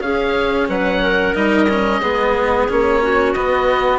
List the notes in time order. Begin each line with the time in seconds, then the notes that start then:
0.00 C#4 G#4 F5
0.69 F#3 B4 F#5
1.03 A#4
1.35 G3 D#4 D#5
1.69 C#4
2.01 G#3 B3 G#4
2.69 A#3 C#4 C#5
3.02 F#4
3.33 B3 D#5